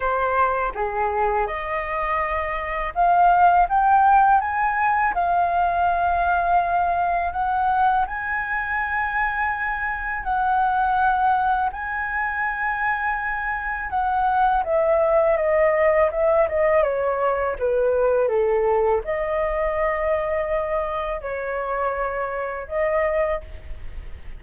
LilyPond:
\new Staff \with { instrumentName = "flute" } { \time 4/4 \tempo 4 = 82 c''4 gis'4 dis''2 | f''4 g''4 gis''4 f''4~ | f''2 fis''4 gis''4~ | gis''2 fis''2 |
gis''2. fis''4 | e''4 dis''4 e''8 dis''8 cis''4 | b'4 a'4 dis''2~ | dis''4 cis''2 dis''4 | }